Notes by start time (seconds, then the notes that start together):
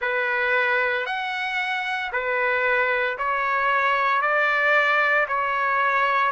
0.00 B4
1.05 F#5
2.12 B4
3.18 C#5
4.21 D5
5.28 C#5